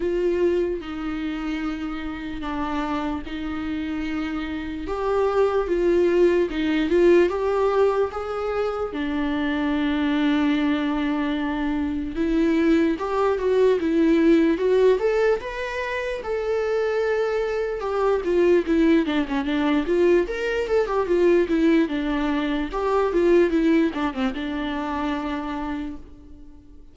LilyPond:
\new Staff \with { instrumentName = "viola" } { \time 4/4 \tempo 4 = 74 f'4 dis'2 d'4 | dis'2 g'4 f'4 | dis'8 f'8 g'4 gis'4 d'4~ | d'2. e'4 |
g'8 fis'8 e'4 fis'8 a'8 b'4 | a'2 g'8 f'8 e'8 d'16 cis'16 | d'8 f'8 ais'8 a'16 g'16 f'8 e'8 d'4 | g'8 f'8 e'8 d'16 c'16 d'2 | }